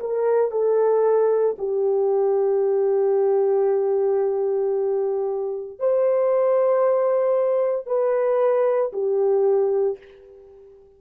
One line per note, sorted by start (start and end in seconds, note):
0.00 0.51 A#4
0.51 1.56 A4
1.58 5.79 G4
5.79 7.86 C5
7.86 8.91 B4
8.92 9.98 G4